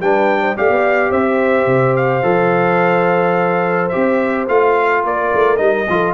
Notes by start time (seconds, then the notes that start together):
0.00 G3 D4 B4 G5
0.41 C5
0.56 A3 G4 D5 F5
0.69 B3
1.10 C4 C5 E5
1.66 C3
1.96 F5
2.23 F3 A4
3.89 G4 E5
3.95 C4
4.48 A3 F4 F5
5.04 A#3 A#4 D5
5.34 A3
5.57 G3 D#4 D#5
5.89 F3 F4 A4